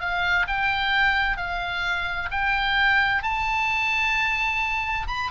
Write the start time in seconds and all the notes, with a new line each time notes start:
0.00 F5
0.47 G5
1.37 F5
2.31 G5
3.23 A5
5.08 B5